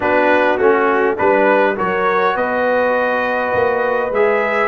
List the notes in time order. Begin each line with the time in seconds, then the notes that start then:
0.00 B3 D4 F#4 B4
0.57 A3 C#4 F#4
1.16 G3 D4 B4
1.76 F#3 F#4 A#4 C#5
2.35 B3 B4 D#5
3.54 A#3
4.10 G#3 G#4 E5